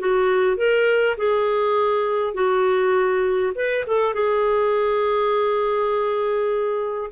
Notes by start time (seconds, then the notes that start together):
0.00 F#4
0.57 A#4
1.17 G#4
2.35 F#4
3.56 B4
3.87 A4
4.14 G#4